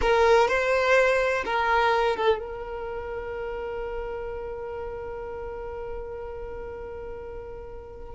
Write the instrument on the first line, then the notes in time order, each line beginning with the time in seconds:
violin
0.01 A#4
0.48 C5
1.45 A#4
2.16 A4
2.39 A#4